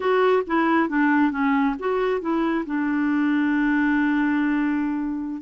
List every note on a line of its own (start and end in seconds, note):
0.00 0.42 F#4
0.46 0.88 E4
0.88 1.31 D4
1.31 1.75 C#4
1.79 2.20 F#4
2.20 2.65 E4
2.66 5.41 D4